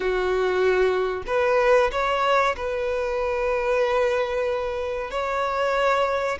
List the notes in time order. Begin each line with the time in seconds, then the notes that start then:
0.00 F#4
1.26 B4
1.91 C#5
2.56 B4
5.10 C#5